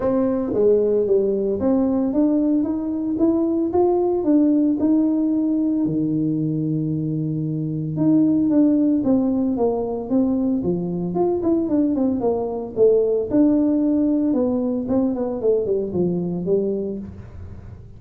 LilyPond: \new Staff \with { instrumentName = "tuba" } { \time 4/4 \tempo 4 = 113 c'4 gis4 g4 c'4 | d'4 dis'4 e'4 f'4 | d'4 dis'2 dis4~ | dis2. dis'4 |
d'4 c'4 ais4 c'4 | f4 f'8 e'8 d'8 c'8 ais4 | a4 d'2 b4 | c'8 b8 a8 g8 f4 g4 | }